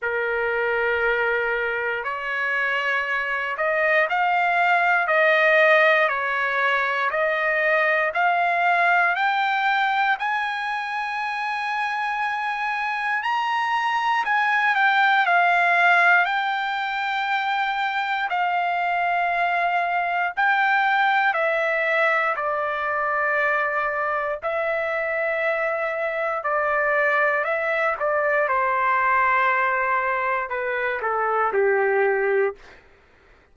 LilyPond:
\new Staff \with { instrumentName = "trumpet" } { \time 4/4 \tempo 4 = 59 ais'2 cis''4. dis''8 | f''4 dis''4 cis''4 dis''4 | f''4 g''4 gis''2~ | gis''4 ais''4 gis''8 g''8 f''4 |
g''2 f''2 | g''4 e''4 d''2 | e''2 d''4 e''8 d''8 | c''2 b'8 a'8 g'4 | }